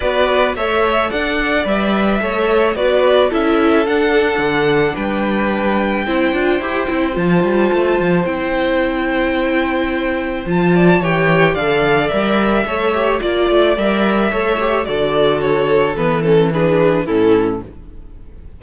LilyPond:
<<
  \new Staff \with { instrumentName = "violin" } { \time 4/4 \tempo 4 = 109 d''4 e''4 fis''4 e''4~ | e''4 d''4 e''4 fis''4~ | fis''4 g''2.~ | g''4 a''2 g''4~ |
g''2. a''4 | g''4 f''4 e''2 | d''4 e''2 d''4 | cis''4 b'8 a'8 b'4 a'4 | }
  \new Staff \with { instrumentName = "violin" } { \time 4/4 b'4 cis''4 d''2 | cis''4 b'4 a'2~ | a'4 b'2 c''4~ | c''1~ |
c''2.~ c''8 d''8 | cis''4 d''2 cis''4 | d''2 cis''4 a'4~ | a'2 gis'4 e'4 | }
  \new Staff \with { instrumentName = "viola" } { \time 4/4 fis'4 a'2 b'4 | a'4 fis'4 e'4 d'4~ | d'2. e'8 f'8 | g'8 e'8 f'2 e'4~ |
e'2. f'4 | g'4 a'4 ais'4 a'8 g'8 | f'4 ais'4 a'8 g'8 fis'4~ | fis'4 b8 cis'8 d'4 cis'4 | }
  \new Staff \with { instrumentName = "cello" } { \time 4/4 b4 a4 d'4 g4 | a4 b4 cis'4 d'4 | d4 g2 c'8 d'8 | e'8 c'8 f8 g8 a8 f8 c'4~ |
c'2. f4 | e4 d4 g4 a4 | ais8 a8 g4 a4 d4~ | d4 e2 a,4 | }
>>